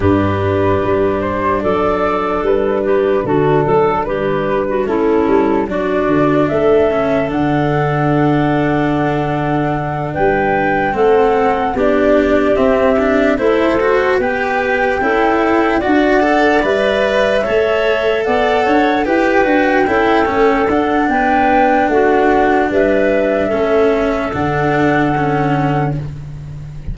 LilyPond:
<<
  \new Staff \with { instrumentName = "flute" } { \time 4/4 \tempo 4 = 74 b'4. c''8 d''4 b'4 | a'4 b'4 a'4 d''4 | e''4 fis''2.~ | fis''8 g''4 fis''4 d''4 e''8~ |
e''8 c''4 g''2 fis''8~ | fis''8 e''2 fis''4 g''8~ | g''4. fis''8 g''4 fis''4 | e''2 fis''2 | }
  \new Staff \with { instrumentName = "clarinet" } { \time 4/4 g'2 a'4. g'8 | fis'8 a'8 g'8. fis'16 e'4 fis'4 | a'1~ | a'8 b'4 a'4 g'4.~ |
g'8 a'4 b'4 a'4 d''8~ | d''4. cis''4 d''8 cis''8 b'8~ | b'8 a'4. b'4 fis'4 | b'4 a'2. | }
  \new Staff \with { instrumentName = "cello" } { \time 4/4 d'1~ | d'2 cis'4 d'4~ | d'8 cis'8 d'2.~ | d'4. c'4 d'4 c'8 |
d'8 e'8 fis'8 g'4 e'4 fis'8 | a'8 b'4 a'2 g'8 | fis'8 e'8 cis'8 d'2~ d'8~ | d'4 cis'4 d'4 cis'4 | }
  \new Staff \with { instrumentName = "tuba" } { \time 4/4 g,4 g4 fis4 g4 | d8 fis8 g4 a8 g8 fis8 d8 | a4 d2.~ | d8 g4 a4 b4 c'8~ |
c'8 a4 b4 cis'4 d'8~ | d'8 g4 a4 b8 d'8 e'8 | d'8 cis'8 a8 d'8 b4 a4 | g4 a4 d2 | }
>>